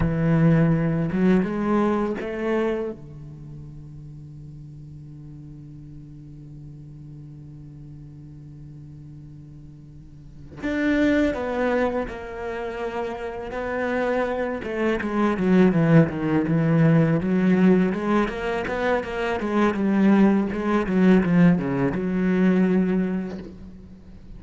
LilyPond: \new Staff \with { instrumentName = "cello" } { \time 4/4 \tempo 4 = 82 e4. fis8 gis4 a4 | d1~ | d1~ | d2~ d8 d'4 b8~ |
b8 ais2 b4. | a8 gis8 fis8 e8 dis8 e4 fis8~ | fis8 gis8 ais8 b8 ais8 gis8 g4 | gis8 fis8 f8 cis8 fis2 | }